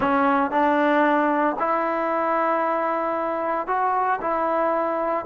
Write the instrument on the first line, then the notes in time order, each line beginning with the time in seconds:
trombone
0.00 C#4
0.50 D4
1.59 E4
3.67 F#4
4.21 E4